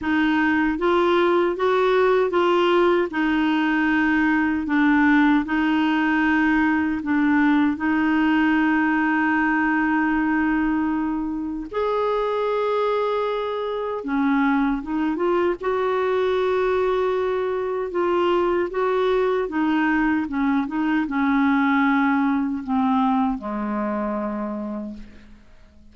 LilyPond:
\new Staff \with { instrumentName = "clarinet" } { \time 4/4 \tempo 4 = 77 dis'4 f'4 fis'4 f'4 | dis'2 d'4 dis'4~ | dis'4 d'4 dis'2~ | dis'2. gis'4~ |
gis'2 cis'4 dis'8 f'8 | fis'2. f'4 | fis'4 dis'4 cis'8 dis'8 cis'4~ | cis'4 c'4 gis2 | }